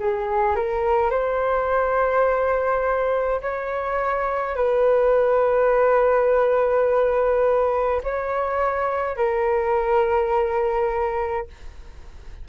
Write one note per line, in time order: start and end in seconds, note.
0.00 0.56 G#4
0.56 1.11 A#4
1.11 3.41 C5
3.42 4.56 C#5
4.56 8.02 B4
8.03 9.17 C#5
9.17 11.48 A#4